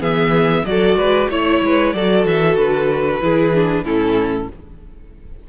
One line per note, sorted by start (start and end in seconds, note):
0.00 0.64 E3
0.00 0.64 B3
0.00 0.64 G#4
0.00 0.65 E5
0.65 0.96 F#3
0.65 1.31 F#4
0.65 0.98 A4
0.65 1.29 D5
0.96 1.28 G#3
0.96 1.30 B4
1.30 1.62 A3
1.30 1.95 E4
1.30 1.93 C#5
1.30 1.62 C#5
1.62 1.94 G#3
1.62 1.95 B4
1.93 2.25 F#3
1.93 3.21 F#4
1.93 3.23 A4
1.93 2.25 D5
2.25 2.57 E3
2.25 2.57 E5
2.57 3.20 D3
2.57 3.85 B4
3.21 3.83 E3
3.21 3.53 E4
3.21 3.84 G#4
3.54 3.85 D4
3.83 4.47 A2
3.83 4.49 C#4
3.83 4.48 E4
3.83 4.49 A4